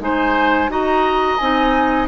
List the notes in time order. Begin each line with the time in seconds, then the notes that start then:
0.00 G#3 D#4 C5 G#5
0.69 D#4 F#4 D#5 A#5
1.37 C4 D#4 G#5